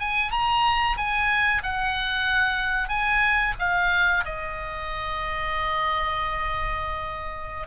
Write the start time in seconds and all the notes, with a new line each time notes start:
0.00 G#5
0.32 A#5
0.97 G#5
1.63 F#5
2.89 G#5
3.59 F5
4.25 D#5